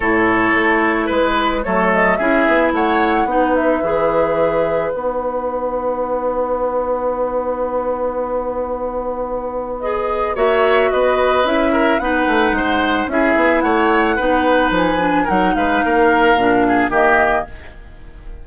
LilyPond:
<<
  \new Staff \with { instrumentName = "flute" } { \time 4/4 \tempo 4 = 110 cis''2 b'4 cis''8 dis''8 | e''4 fis''4. e''4.~ | e''4 fis''2.~ | fis''1~ |
fis''2 dis''4 e''4 | dis''4 e''4 fis''2 | e''4 fis''2 gis''4 | fis''8 f''2~ f''8 dis''4 | }
  \new Staff \with { instrumentName = "oboe" } { \time 4/4 a'2 b'4 a'4 | gis'4 cis''4 b'2~ | b'1~ | b'1~ |
b'2. cis''4 | b'4. ais'8 b'4 c''4 | gis'4 cis''4 b'2 | ais'8 b'8 ais'4. gis'8 g'4 | }
  \new Staff \with { instrumentName = "clarinet" } { \time 4/4 e'2. a4 | e'2 dis'4 gis'4~ | gis'4 dis'2.~ | dis'1~ |
dis'2 gis'4 fis'4~ | fis'4 e'4 dis'2 | e'2 dis'4. d'8 | dis'2 d'4 ais4 | }
  \new Staff \with { instrumentName = "bassoon" } { \time 4/4 a,4 a4 gis4 fis4 | cis'8 b8 a4 b4 e4~ | e4 b2.~ | b1~ |
b2. ais4 | b4 cis'4 b8 a8 gis4 | cis'8 b8 a4 b4 f4 | fis8 gis8 ais4 ais,4 dis4 | }
>>